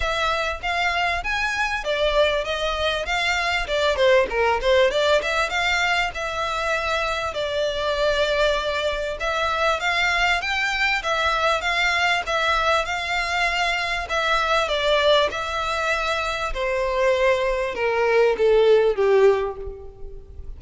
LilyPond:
\new Staff \with { instrumentName = "violin" } { \time 4/4 \tempo 4 = 98 e''4 f''4 gis''4 d''4 | dis''4 f''4 d''8 c''8 ais'8 c''8 | d''8 e''8 f''4 e''2 | d''2. e''4 |
f''4 g''4 e''4 f''4 | e''4 f''2 e''4 | d''4 e''2 c''4~ | c''4 ais'4 a'4 g'4 | }